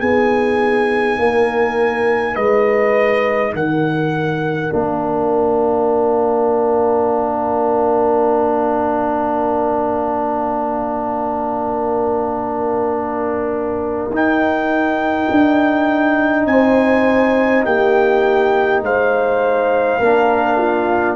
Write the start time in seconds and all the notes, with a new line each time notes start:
0.00 B3 D#4 G#4 G#5
1.19 A#3 A#4
2.34 G#3 B4 D#5
3.53 D#3 A#4 F#5
4.70 A#3 D4 F5
14.10 D#4
14.16 G5
15.31 D4
16.46 C4 C5 G#5
17.65 A#3 G4 G5
18.82 G#3 C5 F5
19.99 A#3 D4 A#4
20.57 F4